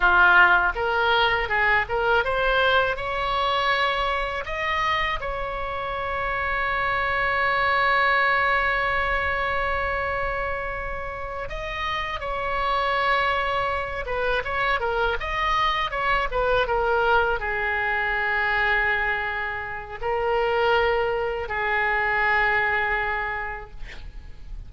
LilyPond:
\new Staff \with { instrumentName = "oboe" } { \time 4/4 \tempo 4 = 81 f'4 ais'4 gis'8 ais'8 c''4 | cis''2 dis''4 cis''4~ | cis''1~ | cis''2.~ cis''8 dis''8~ |
dis''8 cis''2~ cis''8 b'8 cis''8 | ais'8 dis''4 cis''8 b'8 ais'4 gis'8~ | gis'2. ais'4~ | ais'4 gis'2. | }